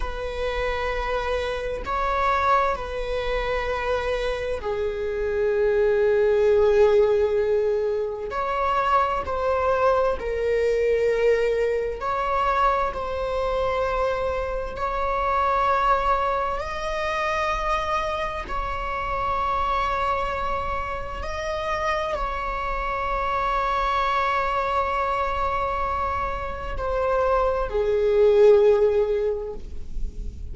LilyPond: \new Staff \with { instrumentName = "viola" } { \time 4/4 \tempo 4 = 65 b'2 cis''4 b'4~ | b'4 gis'2.~ | gis'4 cis''4 c''4 ais'4~ | ais'4 cis''4 c''2 |
cis''2 dis''2 | cis''2. dis''4 | cis''1~ | cis''4 c''4 gis'2 | }